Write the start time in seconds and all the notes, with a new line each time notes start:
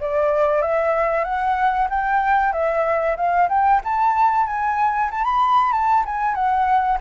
0.00 D5
0.62 E5
1.24 F#5
1.90 G5
2.52 E5
3.17 F5
3.49 G5
3.84 A5
4.46 G#5
5.11 A5
5.24 B5
5.72 A5
6.05 G#5
6.35 F#5